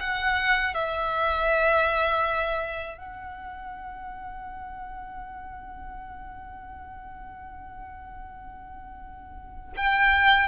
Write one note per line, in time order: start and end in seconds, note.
0.00 0.74 F#5
0.74 2.98 E5
2.98 9.73 F#5
9.77 10.48 G5